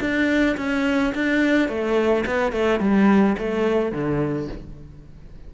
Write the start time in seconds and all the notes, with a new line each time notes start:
0.00 D4
0.57 C#4
1.15 D4
1.69 A3
2.26 B3
2.52 A3
2.80 G3
3.38 A3
3.92 D3